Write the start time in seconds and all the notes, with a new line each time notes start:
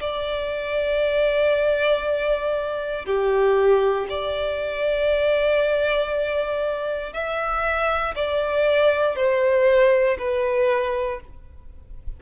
0.00 D5
3.06 G4
4.10 D5
7.13 E5
8.15 D5
9.16 C5
10.18 B4